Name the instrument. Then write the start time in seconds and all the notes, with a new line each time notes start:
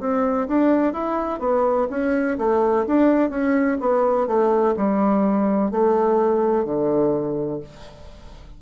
bassoon
0.00 C4
0.48 D4
0.94 E4
1.40 B3
1.90 C#4
2.39 A3
2.87 D4
3.30 C#4
3.81 B3
4.27 A3
4.77 G3
5.71 A3
6.65 D3